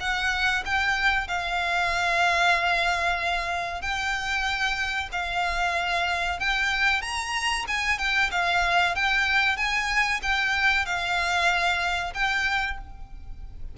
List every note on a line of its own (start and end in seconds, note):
0.00 0.64 F#5
0.65 1.28 G5
1.28 3.82 F5
3.82 5.09 G5
5.12 6.39 F5
6.39 7.01 G5
7.01 7.65 A#5
7.68 7.98 G#5
7.98 8.30 G5
8.31 8.95 F5
8.95 9.57 G5
9.57 10.20 G#5
10.22 10.86 G5
10.86 12.13 F5
12.14 12.78 G5